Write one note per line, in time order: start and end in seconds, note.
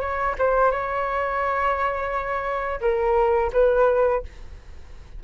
0.00 0.35 C#5
0.38 0.71 C5
0.71 2.80 C#5
2.81 3.50 A#4
3.53 4.22 B4